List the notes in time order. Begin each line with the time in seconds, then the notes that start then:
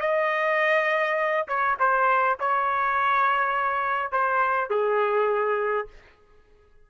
0.00 D#5
1.48 C#5
1.80 C5
2.40 C#5
4.12 C5
4.70 G#4